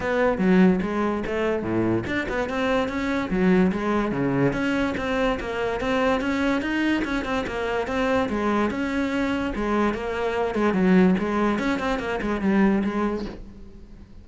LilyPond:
\new Staff \with { instrumentName = "cello" } { \time 4/4 \tempo 4 = 145 b4 fis4 gis4 a4 | a,4 d'8 b8 c'4 cis'4 | fis4 gis4 cis4 cis'4 | c'4 ais4 c'4 cis'4 |
dis'4 cis'8 c'8 ais4 c'4 | gis4 cis'2 gis4 | ais4. gis8 fis4 gis4 | cis'8 c'8 ais8 gis8 g4 gis4 | }